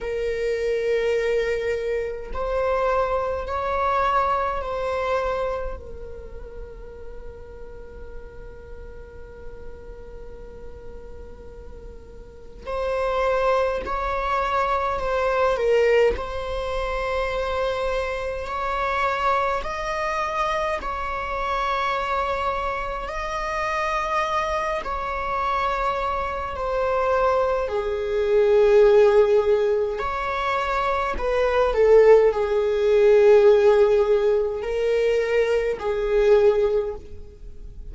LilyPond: \new Staff \with { instrumentName = "viola" } { \time 4/4 \tempo 4 = 52 ais'2 c''4 cis''4 | c''4 ais'2.~ | ais'2. c''4 | cis''4 c''8 ais'8 c''2 |
cis''4 dis''4 cis''2 | dis''4. cis''4. c''4 | gis'2 cis''4 b'8 a'8 | gis'2 ais'4 gis'4 | }